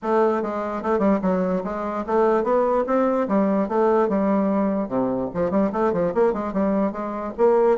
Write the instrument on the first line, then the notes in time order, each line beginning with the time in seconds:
bassoon
0.02 A3
0.42 G#3
0.82 A3
0.99 G3
1.22 F#3
1.64 G#3
2.06 A3
2.43 B3
2.86 C4
3.27 G3
3.68 A3
4.09 G3
4.88 C3
5.33 F3
5.50 G3
5.72 A3
5.92 F3
6.14 A#3
6.33 G#3
6.53 G3
6.91 G#3
7.37 A#3